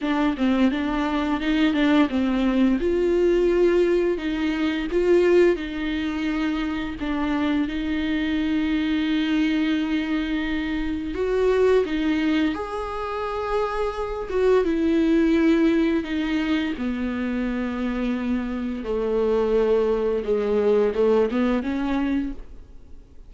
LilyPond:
\new Staff \with { instrumentName = "viola" } { \time 4/4 \tempo 4 = 86 d'8 c'8 d'4 dis'8 d'8 c'4 | f'2 dis'4 f'4 | dis'2 d'4 dis'4~ | dis'1 |
fis'4 dis'4 gis'2~ | gis'8 fis'8 e'2 dis'4 | b2. a4~ | a4 gis4 a8 b8 cis'4 | }